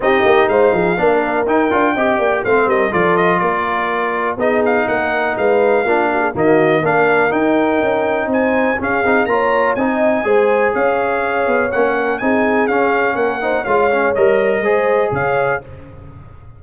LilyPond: <<
  \new Staff \with { instrumentName = "trumpet" } { \time 4/4 \tempo 4 = 123 dis''4 f''2 g''4~ | g''4 f''8 dis''8 d''8 dis''8 d''4~ | d''4 dis''8 f''8 fis''4 f''4~ | f''4 dis''4 f''4 g''4~ |
g''4 gis''4 f''4 ais''4 | gis''2 f''2 | fis''4 gis''4 f''4 fis''4 | f''4 dis''2 f''4 | }
  \new Staff \with { instrumentName = "horn" } { \time 4/4 g'4 c''8 gis'8 ais'2 | dis''8 d''8 c''8 ais'8 a'4 ais'4~ | ais'4 gis'4 ais'4 b'4 | f'8 fis'16 gis'16 fis'4 ais'2~ |
ais'4 c''4 gis'4 cis''4 | dis''4 c''4 cis''2~ | cis''8 ais'8 gis'2 ais'8 c''8 | cis''2 c''4 cis''4 | }
  \new Staff \with { instrumentName = "trombone" } { \time 4/4 dis'2 d'4 dis'8 f'8 | g'4 c'4 f'2~ | f'4 dis'2. | d'4 ais4 d'4 dis'4~ |
dis'2 cis'8 dis'8 f'4 | dis'4 gis'2. | cis'4 dis'4 cis'4. dis'8 | f'8 cis'8 ais'4 gis'2 | }
  \new Staff \with { instrumentName = "tuba" } { \time 4/4 c'8 ais8 gis8 f8 ais4 dis'8 d'8 | c'8 ais8 a8 g8 f4 ais4~ | ais4 b4 ais4 gis4 | ais4 dis4 ais4 dis'4 |
cis'4 c'4 cis'8 c'8 ais4 | c'4 gis4 cis'4. b8 | ais4 c'4 cis'4 ais4 | gis4 g4 gis4 cis4 | }
>>